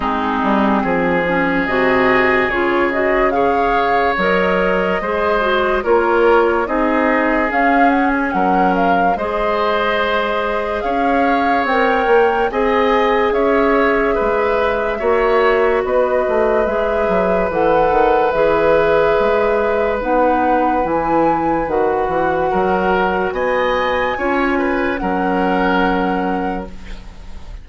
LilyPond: <<
  \new Staff \with { instrumentName = "flute" } { \time 4/4 \tempo 4 = 72 gis'2 dis''4 cis''8 dis''8 | f''4 dis''2 cis''4 | dis''4 f''8 fis''16 gis''16 fis''8 f''8 dis''4~ | dis''4 f''4 g''4 gis''4 |
e''2. dis''4 | e''4 fis''4 e''2 | fis''4 gis''4 fis''2 | gis''2 fis''2 | }
  \new Staff \with { instrumentName = "oboe" } { \time 4/4 dis'4 gis'2. | cis''2 c''4 ais'4 | gis'2 ais'4 c''4~ | c''4 cis''2 dis''4 |
cis''4 b'4 cis''4 b'4~ | b'1~ | b'2. ais'4 | dis''4 cis''8 b'8 ais'2 | }
  \new Staff \with { instrumentName = "clarinet" } { \time 4/4 c'4. cis'8 fis'4 f'8 fis'8 | gis'4 ais'4 gis'8 fis'8 f'4 | dis'4 cis'2 gis'4~ | gis'2 ais'4 gis'4~ |
gis'2 fis'2 | gis'4 a'4 gis'2 | dis'4 e'4 fis'2~ | fis'4 f'4 cis'2 | }
  \new Staff \with { instrumentName = "bassoon" } { \time 4/4 gis8 g8 f4 c4 cis4~ | cis4 fis4 gis4 ais4 | c'4 cis'4 fis4 gis4~ | gis4 cis'4 c'8 ais8 c'4 |
cis'4 gis4 ais4 b8 a8 | gis8 fis8 e8 dis8 e4 gis4 | b4 e4 dis8 e8 fis4 | b4 cis'4 fis2 | }
>>